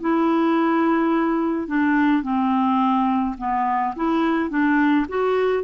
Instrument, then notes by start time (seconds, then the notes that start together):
clarinet
0.00 E4
1.67 D4
2.22 C4
3.38 B3
3.95 E4
4.49 D4
5.08 F#4